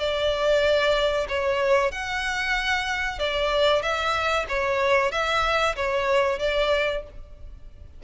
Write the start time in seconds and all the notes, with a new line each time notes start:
0.00 D5
1.29 C#5
1.92 F#5
3.19 D5
3.82 E5
4.49 C#5
5.12 E5
5.76 C#5
6.39 D5